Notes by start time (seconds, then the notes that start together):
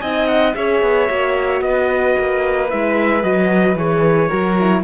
0.00 C4 D#4 D#5 G#5
0.27 F#5
0.55 C#4 G#4 C#5 E5
0.82 B3
1.08 A#3 F#4
1.61 B3 B4 D#5
2.19 A#3
2.70 G#3 E4 E5
3.22 F#3 F#4 D#5
3.75 E3 G#4 C#5
4.28 F#3 F#4 A#4
4.59 E4